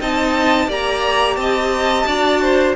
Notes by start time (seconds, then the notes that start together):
0.00 C4 D#4 D#5 A5
0.68 A#3 G4 D5 A#5
1.37 C4 D#5 A5
2.06 D4 F#4 D5
2.42 C5